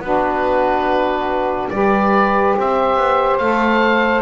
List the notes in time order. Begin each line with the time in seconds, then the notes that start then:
0.00 B3 D4 F#4 B4
1.70 G3 G4 B4 D5
2.57 C4 C5 E5
2.97 B3
3.38 A3 A4 F5